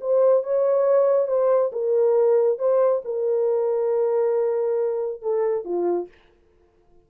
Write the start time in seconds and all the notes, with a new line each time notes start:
0.00 C5
0.43 C#5
1.27 C5
1.72 A#4
2.58 C5
3.04 A#4
5.21 A4
5.64 F4